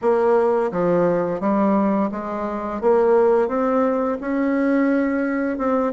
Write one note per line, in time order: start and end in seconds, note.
0.01 0.71 A#3
0.71 1.40 F3
1.40 2.10 G3
2.11 2.81 G#3
2.81 3.48 A#3
3.48 4.17 C4
4.21 5.58 C#4
5.58 5.93 C4